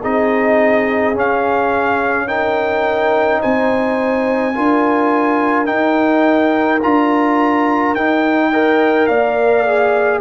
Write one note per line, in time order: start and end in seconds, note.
0.00 1.14 C4
0.00 1.14 D#4
0.00 2.26 G#4
0.00 1.16 D#5
1.14 2.27 C#4
1.14 3.41 C#4
1.14 2.27 F5
2.27 4.54 D#4
2.27 3.40 A#4
2.27 3.41 G5
3.40 4.57 C4
3.40 4.53 C5
3.40 5.66 G#5
4.54 5.70 D4
4.54 5.65 F4
4.54 8.50 A#4
5.65 6.79 D#4
5.65 6.83 D#4
5.65 6.79 G5
6.82 7.95 D4
6.82 7.96 F4
6.82 7.95 A#5
7.95 9.08 D#4
7.95 8.53 D#4
7.95 9.06 G5
8.50 9.65 A#4
8.50 9.07 D#5
9.06 10.21 A#3
9.06 10.21 D5
9.06 10.20 F5
9.65 10.21 G#4